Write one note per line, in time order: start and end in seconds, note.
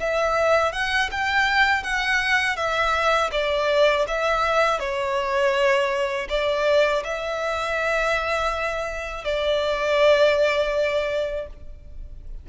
0.00 0.73 E5
0.73 1.10 F#5
1.11 1.83 G5
1.83 2.57 F#5
2.57 3.31 E5
3.32 4.06 D5
4.08 4.80 E5
4.80 6.28 C#5
6.29 7.03 D5
7.04 9.25 E5
9.25 11.47 D5